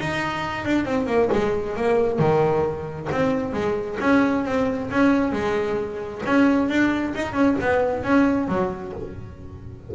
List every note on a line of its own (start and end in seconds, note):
0.00 0.65 D#4
0.65 0.85 D4
0.85 1.07 C4
1.07 1.29 A#3
1.32 1.76 G#3
1.76 2.19 A#3
2.19 3.09 D#3
3.11 3.53 C4
3.53 3.98 G#3
4.00 4.45 C#4
4.45 4.90 C4
4.91 5.32 C#4
5.32 6.22 G#3
6.26 6.69 C#4
6.69 7.14 D4
7.15 7.33 D#4
7.33 7.55 C#4
7.60 8.03 B3
8.03 8.48 C#4
8.48 8.93 F#3